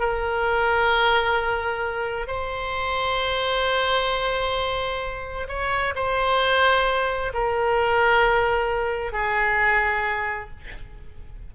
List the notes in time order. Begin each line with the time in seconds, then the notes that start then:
0.00 A#4
2.27 C5
5.49 C#5
5.95 C5
7.34 A#4
9.13 G#4